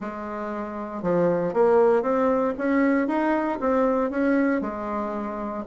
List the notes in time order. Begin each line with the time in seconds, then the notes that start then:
0.00 G#3
1.02 F3
1.53 A#3
2.02 C4
2.58 C#4
3.07 D#4
3.60 C4
4.10 C#4
4.61 G#3